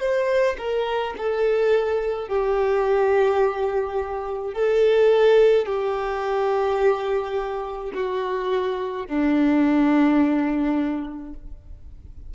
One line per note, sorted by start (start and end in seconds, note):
0.00 0.57 C5
0.58 1.14 A#4
1.17 2.28 A4
2.28 4.54 G4
4.54 5.66 A4
5.66 7.92 G4
7.94 9.07 F#4
9.07 11.33 D4